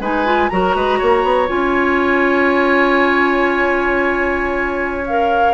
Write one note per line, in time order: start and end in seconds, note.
0.00 0.49 G#3
0.00 0.25 D#4
0.00 0.50 B4
0.00 0.49 G#5
0.25 0.50 F4
0.49 0.75 F#3
0.49 1.48 F#4
0.49 0.76 A#4
0.49 1.47 A#5
0.75 1.00 G#3
0.75 0.99 B4
0.99 1.23 A#3
0.99 5.54 C#5
1.23 1.48 B3
1.48 5.54 C#4
1.48 5.04 F4
1.48 5.06 G#5
5.07 5.54 A#4
5.07 5.54 F5